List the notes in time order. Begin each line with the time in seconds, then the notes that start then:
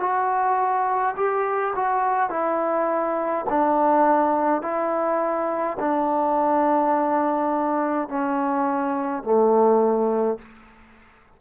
0.00 F#4
1.16 G4
1.76 F#4
2.30 E4
3.50 D4
4.62 E4
5.80 D4
8.09 C#4
9.24 A3